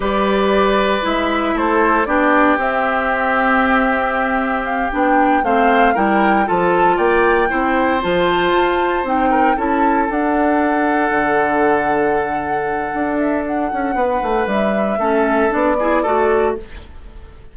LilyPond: <<
  \new Staff \with { instrumentName = "flute" } { \time 4/4 \tempo 4 = 116 d''2 e''4 c''4 | d''4 e''2.~ | e''4 f''8 g''4 f''4 g''8~ | g''8 a''4 g''2 a''8~ |
a''4. g''4 a''4 fis''8~ | fis''1~ | fis''4. e''8 fis''2 | e''2 d''2 | }
  \new Staff \with { instrumentName = "oboe" } { \time 4/4 b'2. a'4 | g'1~ | g'2~ g'8 c''4 ais'8~ | ais'8 a'4 d''4 c''4.~ |
c''2 ais'8 a'4.~ | a'1~ | a'2. b'4~ | b'4 a'4. gis'8 a'4 | }
  \new Staff \with { instrumentName = "clarinet" } { \time 4/4 g'2 e'2 | d'4 c'2.~ | c'4. d'4 c'4 e'8~ | e'8 f'2 e'4 f'8~ |
f'4. dis'4 e'4 d'8~ | d'1~ | d'1~ | d'4 cis'4 d'8 e'8 fis'4 | }
  \new Staff \with { instrumentName = "bassoon" } { \time 4/4 g2 gis4 a4 | b4 c'2.~ | c'4. b4 a4 g8~ | g8 f4 ais4 c'4 f8~ |
f8 f'4 c'4 cis'4 d'8~ | d'4. d2~ d8~ | d4 d'4. cis'8 b8 a8 | g4 a4 b4 a4 | }
>>